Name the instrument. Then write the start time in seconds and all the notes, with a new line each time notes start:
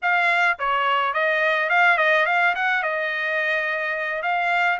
trumpet
0.02 F5
0.58 C#5
1.13 D#5
1.69 F5
1.97 D#5
2.26 F5
2.55 F#5
2.83 D#5
4.22 F5